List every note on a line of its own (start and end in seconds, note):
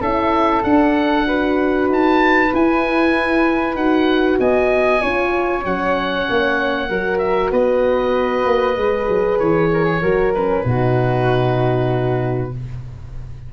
0.00 0.62 C#4
0.00 0.62 E4
0.00 1.25 A4
0.00 0.63 E5
0.62 1.24 D4
0.62 1.88 D4
0.62 1.88 F#5
1.25 2.50 F#4
1.25 4.39 B4
1.88 2.51 D#4
1.88 2.54 A5
2.52 3.77 E4
2.52 3.74 E4
2.52 3.76 G#5
3.74 4.37 D#4
3.74 5.00 F#4
3.74 4.38 F#5
4.39 5.01 B3
4.39 5.01 D#5
4.39 5.64 G#5
5.00 5.64 C#4
5.00 5.62 F4
5.00 6.88 C#5
5.64 6.27 F#3
5.64 6.89 C#4
5.64 7.18 F#5
6.29 6.89 A#3
6.89 7.51 F#3
6.89 8.77 F#4
6.89 7.51 A#4
7.18 7.49 E5
7.51 8.45 B3
7.51 9.69 B4
7.51 9.39 D#5
8.45 8.76 A#3
8.76 9.07 G#3
8.76 10.02 G#4
9.08 9.39 F#3
9.39 10.01 E3
9.39 10.32 C#5
9.73 9.84 A#4
9.84 10.00 G#4
10.01 10.64 F#3
10.01 10.33 F#4
10.01 10.64 A#4
10.34 10.64 C#4
10.34 12.52 B4
10.64 12.51 B2
10.64 12.51 D#4
10.64 12.53 F#4